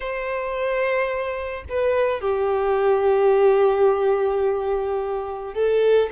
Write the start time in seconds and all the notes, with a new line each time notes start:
0.00 C5
1.69 B4
2.20 G4
5.54 A4